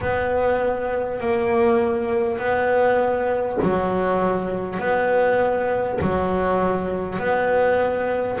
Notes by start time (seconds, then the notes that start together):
0.01 B3
1.19 A#3
2.38 B3
3.62 F#3
4.79 B3
6.01 F#3
7.18 B3